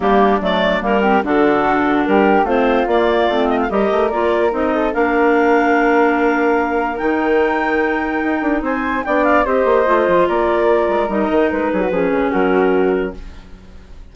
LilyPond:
<<
  \new Staff \with { instrumentName = "clarinet" } { \time 4/4 \tempo 4 = 146 g'4 d''4 ais'4 a'4~ | a'4 ais'4 c''4 d''4~ | d''8 dis''16 f''16 dis''4 d''4 dis''4 | f''1~ |
f''4 g''2.~ | g''4 gis''4 g''8 f''8 dis''4~ | dis''4 d''2 dis''4 | b'2 ais'2 | }
  \new Staff \with { instrumentName = "flute" } { \time 4/4 d'2~ d'8 g'8 fis'4~ | fis'4 g'4 f'2~ | f'4 ais'2~ ais'8 a'8 | ais'1~ |
ais'1~ | ais'4 c''4 d''4 c''4~ | c''4 ais'2.~ | ais'8 gis'16 fis'16 gis'4 fis'2 | }
  \new Staff \with { instrumentName = "clarinet" } { \time 4/4 ais4 a4 ais8 c'8 d'4~ | d'2 c'4 ais4 | c'4 g'4 f'4 dis'4 | d'1~ |
d'4 dis'2.~ | dis'2 d'4 g'4 | f'2. dis'4~ | dis'4 cis'2. | }
  \new Staff \with { instrumentName = "bassoon" } { \time 4/4 g4 fis4 g4 d4~ | d4 g4 a4 ais4 | a4 g8 a8 ais4 c'4 | ais1~ |
ais4 dis2. | dis'8 d'8 c'4 b4 c'8 ais8 | a8 f8 ais4. gis8 g8 dis8 | gis8 fis8 f8 cis8 fis2 | }
>>